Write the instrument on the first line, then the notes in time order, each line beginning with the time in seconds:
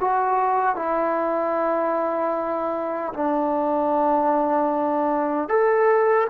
trombone
0.00 F#4
0.76 E4
3.13 D4
5.48 A4